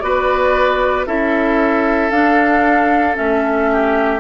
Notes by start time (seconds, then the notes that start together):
0.00 B3 F#4 B4 D5
1.06 C#4 E4 A4 E5
2.11 D4 F5
3.15 A3 C#4 E5
3.73 G4